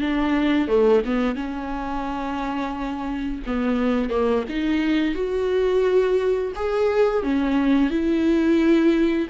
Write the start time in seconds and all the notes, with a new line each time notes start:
0.00 D4
0.67 A3
1.05 B3
1.35 C#4
3.46 B3
4.09 A#3
4.49 D#4
5.14 F#4
6.55 G#4
7.23 C#4
7.90 E4